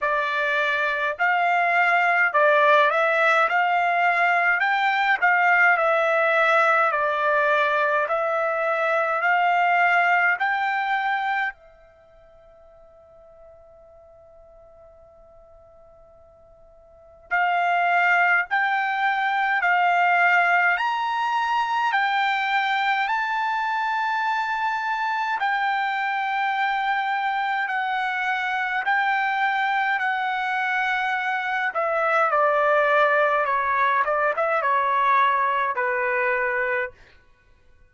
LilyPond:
\new Staff \with { instrumentName = "trumpet" } { \time 4/4 \tempo 4 = 52 d''4 f''4 d''8 e''8 f''4 | g''8 f''8 e''4 d''4 e''4 | f''4 g''4 e''2~ | e''2. f''4 |
g''4 f''4 ais''4 g''4 | a''2 g''2 | fis''4 g''4 fis''4. e''8 | d''4 cis''8 d''16 e''16 cis''4 b'4 | }